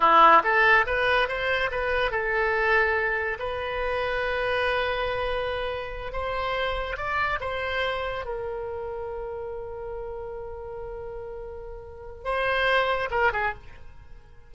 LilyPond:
\new Staff \with { instrumentName = "oboe" } { \time 4/4 \tempo 4 = 142 e'4 a'4 b'4 c''4 | b'4 a'2. | b'1~ | b'2~ b'8 c''4.~ |
c''8 d''4 c''2 ais'8~ | ais'1~ | ais'1~ | ais'4 c''2 ais'8 gis'8 | }